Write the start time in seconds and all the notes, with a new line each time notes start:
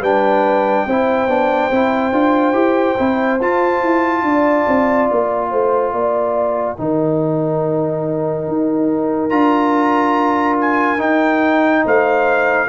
0.00 G3 D4 B4 G5
0.86 C4 E4 C5
1.27 B3 D4
1.70 C4 E4
2.12 D4 F4
2.53 E4 G4
2.97 C4 E4
3.40 F4 A5
3.82 E4
4.22 D4 D5
4.67 C4
5.10 A#3 G5
5.50 A3 C5
5.92 A#3 D5
6.77 D#3 D#4 A#4
8.47 D#4
9.29 D4 F4 A#5
10.60 G#5
10.98 D#4 G5
11.84 A3 C5 F5